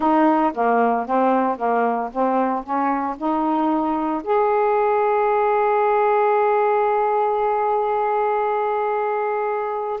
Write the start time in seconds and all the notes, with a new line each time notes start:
0.00 D#4
0.53 A#3
1.06 C4
1.57 A#3
2.11 C4
2.63 C#4
3.17 D#4
4.23 G#4